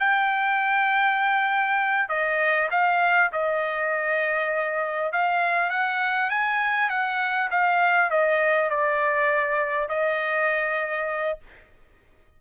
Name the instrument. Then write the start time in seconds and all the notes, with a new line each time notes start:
trumpet
0.00 G5
2.09 D#5
2.71 F5
3.33 D#5
5.12 F5
5.70 F#5
6.30 G#5
6.90 F#5
7.51 F5
8.11 D#5
8.70 D5
9.89 D#5